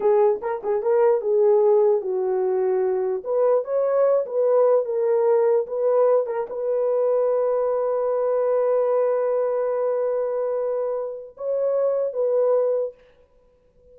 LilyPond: \new Staff \with { instrumentName = "horn" } { \time 4/4 \tempo 4 = 148 gis'4 ais'8 gis'8 ais'4 gis'4~ | gis'4 fis'2. | b'4 cis''4. b'4. | ais'2 b'4. ais'8 |
b'1~ | b'1~ | b'1 | cis''2 b'2 | }